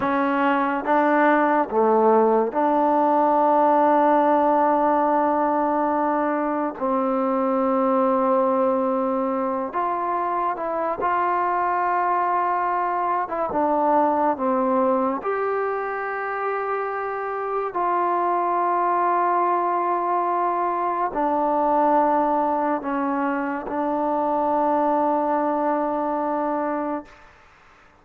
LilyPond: \new Staff \with { instrumentName = "trombone" } { \time 4/4 \tempo 4 = 71 cis'4 d'4 a4 d'4~ | d'1 | c'2.~ c'8 f'8~ | f'8 e'8 f'2~ f'8. e'16 |
d'4 c'4 g'2~ | g'4 f'2.~ | f'4 d'2 cis'4 | d'1 | }